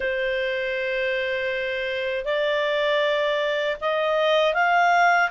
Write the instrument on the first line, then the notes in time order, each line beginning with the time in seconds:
clarinet
0.00 C5
2.24 D5
3.80 D#5
4.54 F5